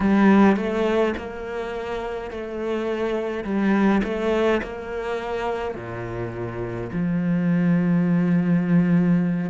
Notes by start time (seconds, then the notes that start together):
0.00 G3
0.56 A3
1.17 A#3
2.31 A3
3.44 G3
4.03 A3
4.62 A#3
5.74 A#2
6.92 F3